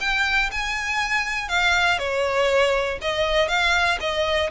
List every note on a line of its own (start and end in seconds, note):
0.00 0.50 G5
0.52 1.48 G#5
1.48 1.98 F5
1.99 2.99 C#5
3.01 3.48 D#5
3.48 3.98 F5
4.00 4.50 D#5